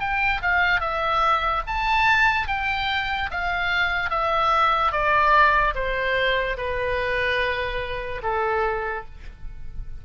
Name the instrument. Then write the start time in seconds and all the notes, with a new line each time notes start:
oboe
0.00 G5
0.42 F5
0.80 E5
1.67 A5
2.48 G5
3.31 F5
4.10 E5
4.92 D5
5.75 C5
6.57 B4
8.23 A4